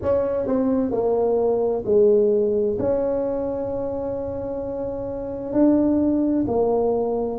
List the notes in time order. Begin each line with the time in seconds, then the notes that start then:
0.02 C#4
0.47 C4
0.91 A#3
1.85 G#3
2.78 C#4
5.53 D4
6.47 A#3